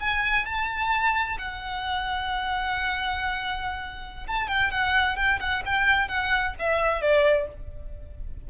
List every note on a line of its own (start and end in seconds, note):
0.00 0.45 G#5
0.45 1.38 A5
1.38 4.27 F#5
4.28 4.48 A5
4.48 4.71 G5
4.71 5.16 F#5
5.16 5.39 G5
5.40 5.63 F#5
5.65 6.08 G5
6.08 6.55 F#5
6.59 7.01 E5
7.01 7.47 D5